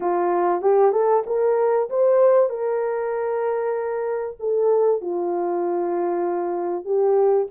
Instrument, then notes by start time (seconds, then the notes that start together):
horn
0.00 F4
0.61 G4
0.91 A4
1.26 A#4
1.89 C5
2.49 A#4
4.39 A4
5.01 F4
6.84 G4